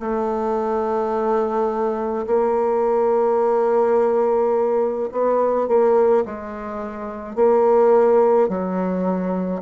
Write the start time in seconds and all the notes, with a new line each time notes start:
0.00 A3
2.27 A#3
5.12 B3
5.68 A#3
6.26 G#3
7.35 A#3
8.49 F#3